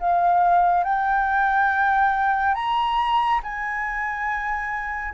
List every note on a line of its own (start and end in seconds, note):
0.00 0.84 F5
0.84 2.55 G5
2.55 3.41 A#5
3.43 5.14 G#5